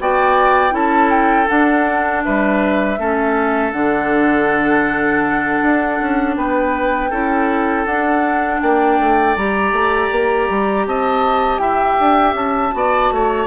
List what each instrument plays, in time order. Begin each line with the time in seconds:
0.00 bassoon B3, clarinet F#4, oboe D5, flute G5
0.71 bassoon C#4, clarinet E4, oboe A4, flute A5
1.11 flute G5
1.48 clarinet D4, bassoon D4, flute F#5
2.24 bassoon G3, oboe B4, flute E5
2.98 bassoon A3, clarinet C#4, oboe A4
3.72 bassoon D3, clarinet D4, flute F#5
5.62 bassoon D4
6.01 bassoon C#4
6.36 bassoon B3, oboe B4, flute G5
7.10 bassoon C#4, clarinet E4, oboe A4
7.86 bassoon D4, clarinet D4, flute F#5
8.61 bassoon A#3, oboe D5, flute G5
9.00 bassoon A3
9.36 bassoon G3, clarinet G4, flute A#5
9.73 bassoon A3
10.11 bassoon A#3
10.49 bassoon G3
10.86 bassoon C4, oboe D#5, flute A5
11.59 bassoon E4, oboe E5, flute G5
12.00 bassoon D4
12.34 bassoon C#4, flute A5
12.72 bassoon B3, clarinet F#4, oboe D5
13.11 bassoon A3, oboe C#5